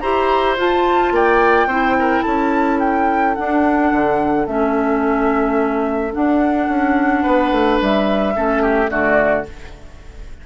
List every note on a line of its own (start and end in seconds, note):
0.00 0.58 E4
0.00 0.58 G4
0.00 1.13 C5
0.00 0.56 A#5
0.58 1.69 F4
0.58 1.12 F4
0.58 1.16 A5
1.12 1.67 A#3
1.12 1.68 D5
1.12 2.23 G5
1.67 2.22 C4
1.67 3.37 E4
1.67 1.96 C5
1.99 2.24 A#4
2.23 3.38 C#4
2.23 7.23 A4
2.23 2.78 A5
2.80 3.35 G5
3.35 4.47 D4
3.35 3.92 D4
3.35 4.46 F#5
3.92 4.47 D3
4.47 6.14 A3
4.47 6.12 C#4
4.47 6.14 E5
6.12 8.34 D4
6.12 6.68 D4
6.12 7.81 F#5
6.68 7.24 C#4
7.23 7.52 B3
7.23 8.34 B4
7.52 7.80 A3
7.81 8.36 G3
7.81 8.91 E5
8.35 8.90 A3
8.35 8.89 C#4
8.35 8.63 A4
8.63 8.91 G4
8.89 9.45 D3
8.89 9.44 A3
8.89 9.47 F#4
8.89 9.46 D5